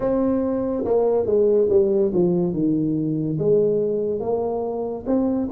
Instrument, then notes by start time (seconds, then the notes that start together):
tuba
0.00 C4
0.85 A#3
1.26 G#3
1.69 G3
2.13 F3
2.53 D#3
3.38 G#3
4.20 A#3
5.06 C4